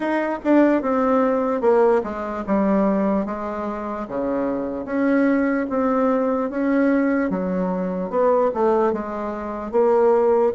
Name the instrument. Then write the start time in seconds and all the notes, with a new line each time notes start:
bassoon
0.00 D#4
0.43 D4
0.81 C4
1.61 A#3
2.03 G#3
2.46 G3
3.25 G#3
4.08 C#3
4.85 C#4
5.69 C4
6.50 C#4
7.30 F#3
8.10 B3
8.54 A3
8.93 G#3
9.71 A#3